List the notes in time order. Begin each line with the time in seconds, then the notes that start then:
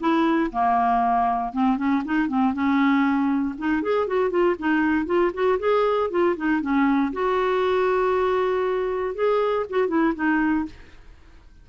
0.00 E4
0.52 A#3
1.53 C4
1.78 C#4
2.05 D#4
2.28 C4
2.54 C#4
3.58 D#4
3.83 G#4
4.07 F#4
4.30 F4
4.59 D#4
5.06 F4
5.34 F#4
5.59 G#4
6.10 F4
6.36 D#4
6.61 C#4
7.13 F#4
9.15 G#4
9.70 F#4
9.88 E4
10.15 D#4